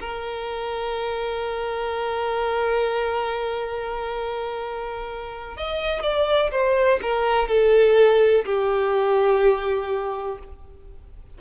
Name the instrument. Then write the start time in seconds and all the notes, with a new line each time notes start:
violin
0.00 A#4
5.56 D#5
6.02 D5
6.51 C5
7.02 A#4
7.48 A4
8.45 G4